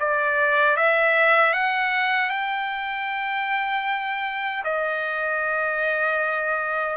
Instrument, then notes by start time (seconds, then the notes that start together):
trumpet
0.00 D5
0.77 E5
1.54 F#5
2.30 G5
4.65 D#5